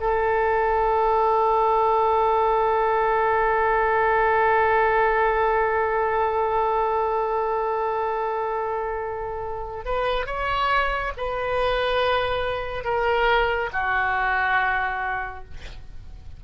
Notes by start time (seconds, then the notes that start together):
0.00 A4
9.85 B4
10.26 C#5
11.17 B4
12.84 A#4
13.73 F#4